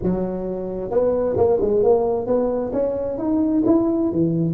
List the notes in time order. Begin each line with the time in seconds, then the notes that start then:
0.02 F#3
0.90 B3
1.37 A#3
1.61 G#3
1.83 A#3
2.26 B3
2.73 C#4
3.18 D#4
3.66 E4
4.11 E3